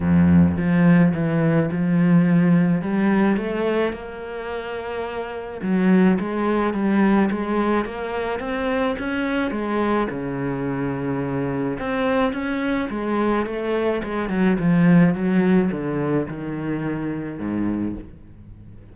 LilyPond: \new Staff \with { instrumentName = "cello" } { \time 4/4 \tempo 4 = 107 f,4 f4 e4 f4~ | f4 g4 a4 ais4~ | ais2 fis4 gis4 | g4 gis4 ais4 c'4 |
cis'4 gis4 cis2~ | cis4 c'4 cis'4 gis4 | a4 gis8 fis8 f4 fis4 | d4 dis2 gis,4 | }